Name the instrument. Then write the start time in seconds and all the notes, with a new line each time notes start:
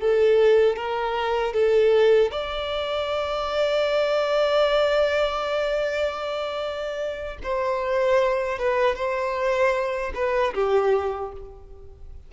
violin
0.00 A4
0.76 A#4
1.53 A4
2.31 D5
7.43 C5
8.59 B4
8.95 C5
10.15 B4
10.54 G4